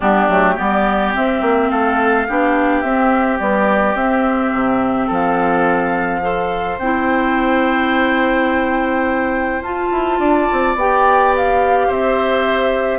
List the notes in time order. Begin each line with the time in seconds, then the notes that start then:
0.00 G3 B3 D4 G4
0.28 F#3 A3
0.54 G3 B3 G4 D5
1.14 C4 E5
1.41 A#3
1.70 A3 A4 F5
2.28 B3 D4 G4
2.81 C4 E5
3.38 G3 B3 D5
3.95 C4 E5
4.53 C3
5.06 F3 A4
5.13 F5
6.22 A4 C5
6.78 C4 E4 G5
9.61 F4 A5
9.91 E4
10.19 D4 D5
10.52 C4
10.75 B3 G4 G5
11.35 F5
11.87 C4 C5 E5